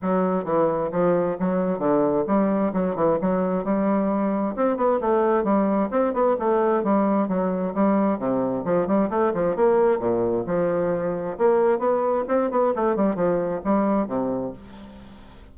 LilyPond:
\new Staff \with { instrumentName = "bassoon" } { \time 4/4 \tempo 4 = 132 fis4 e4 f4 fis4 | d4 g4 fis8 e8 fis4 | g2 c'8 b8 a4 | g4 c'8 b8 a4 g4 |
fis4 g4 c4 f8 g8 | a8 f8 ais4 ais,4 f4~ | f4 ais4 b4 c'8 b8 | a8 g8 f4 g4 c4 | }